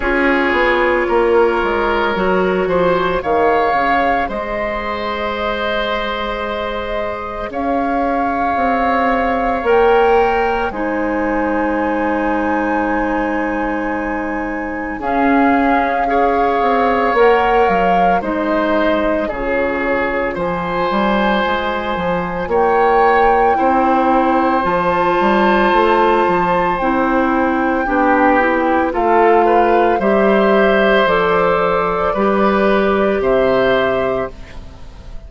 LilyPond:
<<
  \new Staff \with { instrumentName = "flute" } { \time 4/4 \tempo 4 = 56 cis''2. f''4 | dis''2. f''4~ | f''4 g''4 gis''2~ | gis''2 f''2 |
fis''8 f''8 dis''4 cis''4 gis''4~ | gis''4 g''2 a''4~ | a''4 g''2 f''4 | e''4 d''2 e''4 | }
  \new Staff \with { instrumentName = "oboe" } { \time 4/4 gis'4 ais'4. c''8 cis''4 | c''2. cis''4~ | cis''2 c''2~ | c''2 gis'4 cis''4~ |
cis''4 c''4 gis'4 c''4~ | c''4 cis''4 c''2~ | c''2 g'4 a'8 b'8 | c''2 b'4 c''4 | }
  \new Staff \with { instrumentName = "clarinet" } { \time 4/4 f'2 fis'4 gis'4~ | gis'1~ | gis'4 ais'4 dis'2~ | dis'2 cis'4 gis'4 |
ais'4 dis'4 f'2~ | f'2 e'4 f'4~ | f'4 e'4 d'8 e'8 f'4 | g'4 a'4 g'2 | }
  \new Staff \with { instrumentName = "bassoon" } { \time 4/4 cis'8 b8 ais8 gis8 fis8 f8 dis8 cis8 | gis2. cis'4 | c'4 ais4 gis2~ | gis2 cis'4. c'8 |
ais8 fis8 gis4 cis4 f8 g8 | gis8 f8 ais4 c'4 f8 g8 | a8 f8 c'4 b4 a4 | g4 f4 g4 c4 | }
>>